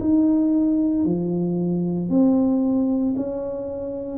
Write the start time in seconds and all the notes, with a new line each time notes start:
0.00 D#4
1.05 F3
2.10 C4
3.16 C#4